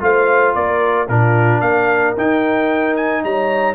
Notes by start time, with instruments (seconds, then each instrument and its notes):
0.00 tuba A3, trombone F4, horn C5, trumpet F5
0.55 tuba A#3, horn A#4, trumpet D5
1.09 tuba A#2, trombone D4, horn F4, trumpet A#4
1.61 tuba A#3, horn A#4, trumpet F5
2.17 tuba D#4, trombone D#4, trumpet G5
2.97 trumpet G#5
3.24 tuba G3, horn C#5, trumpet A#5